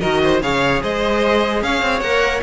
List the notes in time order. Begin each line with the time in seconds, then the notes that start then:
0.00 D#3 F#4 A#4 D#5
0.23 C5
0.41 C#3 G#4 C#5 F5
0.82 G#3 C5 D#5
1.62 C#4 C#5 F5
1.81 C4
2.00 A#3 A#4 F#5